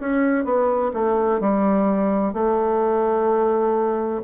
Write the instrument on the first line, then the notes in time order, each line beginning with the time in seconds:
bassoon
0.00 C#4
0.45 B3
0.93 A3
1.40 G3
2.34 A3